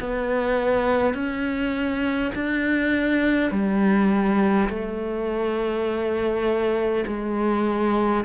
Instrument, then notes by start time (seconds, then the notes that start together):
cello
0.00 B3
1.14 C#4
2.35 D4
3.51 G3
4.70 A3
7.07 G#3